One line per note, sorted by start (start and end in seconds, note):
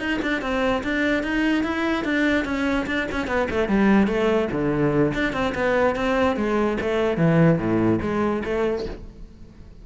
0.00 0.21 D#4
0.23 0.42 D4
0.42 0.83 C4
0.84 1.24 D4
1.24 1.64 D#4
1.64 2.05 E4
2.05 2.45 D4
2.45 2.87 C#4
2.87 3.08 D4
3.12 3.28 C#4
3.28 3.48 B3
3.50 3.69 A3
3.69 4.08 G3
4.08 4.49 A3
4.52 5.14 D3
5.14 5.33 D4
5.33 5.54 C4
5.55 5.96 B3
5.96 6.37 C4
6.37 6.78 G#3
6.81 7.18 A3
7.18 7.59 E3
7.59 8.00 A2
8.02 8.43 G#3
8.45 8.86 A3